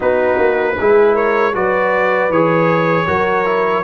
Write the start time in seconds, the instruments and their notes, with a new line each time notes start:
0.00 tuba B3, trombone D#4, horn F#4, trumpet B4
0.37 tuba A#3
0.79 tuba G#3, trombone E4, horn G#4
1.13 horn A#4, trumpet C#5
1.53 tuba F#3, trombone F#4, horn B4, trumpet D5
2.29 tuba E3, trombone G#4, trumpet C#5
3.07 tuba F#3, trombone F#4, horn A#4
3.45 trombone E4